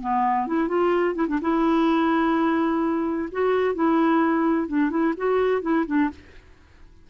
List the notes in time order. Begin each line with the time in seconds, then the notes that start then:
0.00 B3
0.46 E4
0.68 F4
1.14 E4
1.27 D4
1.41 E4
3.32 F#4
3.74 E4
4.67 D4
4.90 E4
5.16 F#4
5.61 E4
5.86 D4